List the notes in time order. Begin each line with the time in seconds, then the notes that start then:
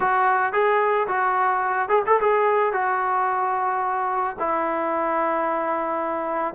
0.00 F#4
0.52 G#4
1.07 F#4
1.88 G#4
2.06 A4
2.20 G#4
2.72 F#4
4.39 E4